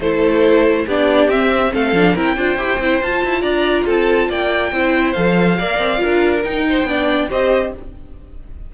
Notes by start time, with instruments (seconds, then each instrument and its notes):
0.00 cello A3, viola E4, violin A4 C5
0.85 cello B3, viola D4, violin G4 D5
1.28 cello C4, viola C4, violin E5
1.73 cello A3, violin A4 F5
1.92 cello F3, viola D4
2.14 cello C4, viola E4, violin A#4 G5
2.36 cello D4, viola F4, violin C5
2.56 cello E4, viola G4
2.79 cello C4, viola E4
3.01 cello F4, viola F4, violin A5
3.24 cello E4
3.41 cello D4, violin D5 A#5
3.85 cello C4, violin A4 A5
4.29 cello A#3, violin D5 G5
4.72 cello C4, viola E4, violin C5
5.12 cello F3, viola A4, violin F5
5.58 cello A#3, viola A#4, violin D5
5.78 cello C4
5.97 viola F4, violin A#4
6.03 cello D4
6.44 cello D#4, viola D#4, violin G5
6.69 violin C5
6.83 cello B3, viola D4, violin D5
7.29 cello C4, viola G4, violin C5 D#5